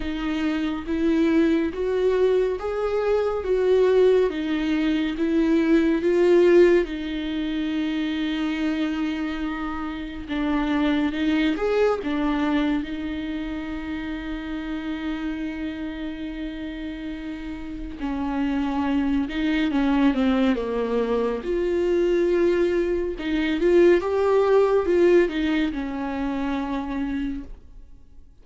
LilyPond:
\new Staff \with { instrumentName = "viola" } { \time 4/4 \tempo 4 = 70 dis'4 e'4 fis'4 gis'4 | fis'4 dis'4 e'4 f'4 | dis'1 | d'4 dis'8 gis'8 d'4 dis'4~ |
dis'1~ | dis'4 cis'4. dis'8 cis'8 c'8 | ais4 f'2 dis'8 f'8 | g'4 f'8 dis'8 cis'2 | }